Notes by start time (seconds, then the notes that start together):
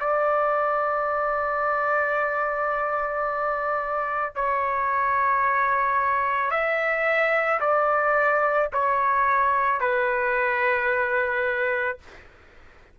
0.00 D5
4.35 C#5
6.51 E5
7.61 D5
8.73 C#5
9.80 B4